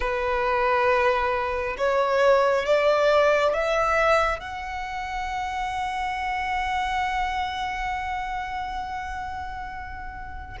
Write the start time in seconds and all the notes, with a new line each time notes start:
0.00 B4
1.77 C#5
2.65 D5
3.53 E5
4.39 F#5